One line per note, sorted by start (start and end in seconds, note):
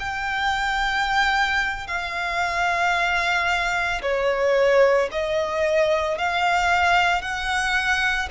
0.00 1.87 G5
1.87 4.02 F5
4.02 5.09 C#5
5.12 6.18 D#5
6.18 7.22 F5
7.22 8.29 F#5